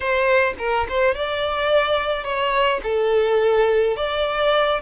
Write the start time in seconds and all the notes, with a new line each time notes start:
0.00 C5
0.58 A#4
0.89 C5
1.14 D5
2.24 C#5
2.83 A4
3.96 D5